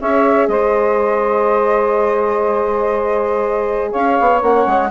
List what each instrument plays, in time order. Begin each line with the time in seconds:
0.00 bassoon C#4, horn G#4, saxophone C#5, flute E5
0.47 bassoon G#3, saxophone C5, flute D#5
3.91 bassoon C#4, saxophone C#5, flute F5
4.20 bassoon B3
4.42 bassoon A#3, horn C#4, flute F#5
4.66 bassoon G#3